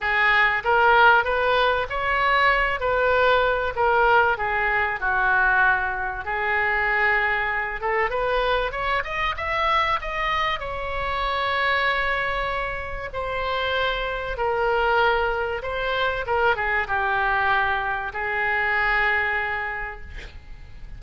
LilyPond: \new Staff \with { instrumentName = "oboe" } { \time 4/4 \tempo 4 = 96 gis'4 ais'4 b'4 cis''4~ | cis''8 b'4. ais'4 gis'4 | fis'2 gis'2~ | gis'8 a'8 b'4 cis''8 dis''8 e''4 |
dis''4 cis''2.~ | cis''4 c''2 ais'4~ | ais'4 c''4 ais'8 gis'8 g'4~ | g'4 gis'2. | }